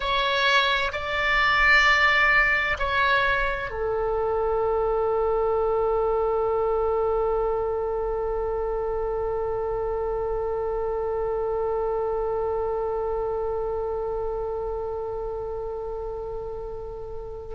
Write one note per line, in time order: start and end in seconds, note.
0.00 0.91 C#5
0.92 2.77 D5
2.78 3.70 C#5
3.70 17.54 A4